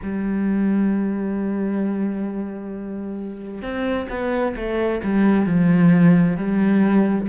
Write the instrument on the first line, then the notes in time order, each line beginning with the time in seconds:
cello
0.02 G3
3.62 C4
4.09 B3
4.55 A3
5.03 G3
5.45 F3
6.36 G3